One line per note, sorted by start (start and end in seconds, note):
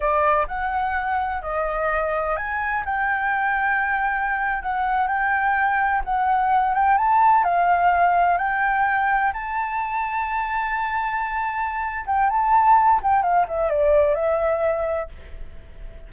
0.00 0.46 D5
0.47 1.42 F#5
1.42 2.36 D#5
2.36 2.83 G#5
2.85 4.62 G5
4.62 5.07 F#5
5.07 6.02 G5
6.04 6.74 F#5
6.74 6.97 G5
6.97 7.44 A5
7.44 8.38 F5
8.38 9.32 G5
9.33 12.05 A5
12.06 12.29 G5
12.29 13.00 A5
13.02 13.22 G5
13.22 13.46 F5
13.48 13.69 E5
13.69 14.14 D5
14.14 15.09 E5